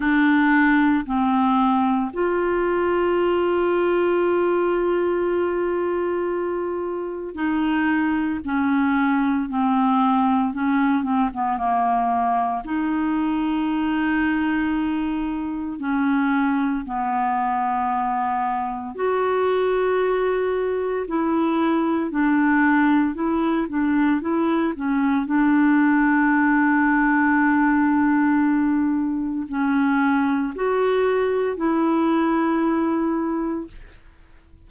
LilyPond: \new Staff \with { instrumentName = "clarinet" } { \time 4/4 \tempo 4 = 57 d'4 c'4 f'2~ | f'2. dis'4 | cis'4 c'4 cis'8 c'16 b16 ais4 | dis'2. cis'4 |
b2 fis'2 | e'4 d'4 e'8 d'8 e'8 cis'8 | d'1 | cis'4 fis'4 e'2 | }